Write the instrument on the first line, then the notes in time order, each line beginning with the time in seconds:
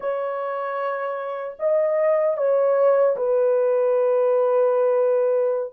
horn
0.00 C#5
1.59 D#5
2.37 C#5
3.16 B4